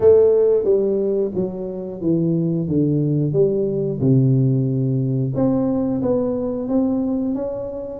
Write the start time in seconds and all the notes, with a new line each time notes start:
0.00 A3
0.64 G3
1.34 F#3
2.01 E3
2.68 D3
3.32 G3
3.99 C3
5.35 C4
6.02 B3
6.68 C4
7.35 C#4